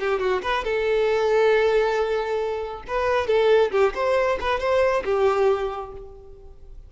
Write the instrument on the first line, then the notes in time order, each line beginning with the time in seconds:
violin
0.00 G4
0.20 F#4
0.42 B4
0.64 A4
2.88 B4
3.27 A4
3.71 G4
3.95 C5
4.41 B4
4.60 C5
5.04 G4